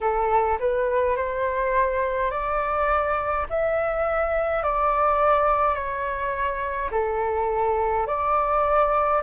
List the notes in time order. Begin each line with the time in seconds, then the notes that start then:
0.00 A4
0.59 B4
1.16 C5
2.31 D5
3.49 E5
4.62 D5
5.74 C#5
6.91 A4
8.06 D5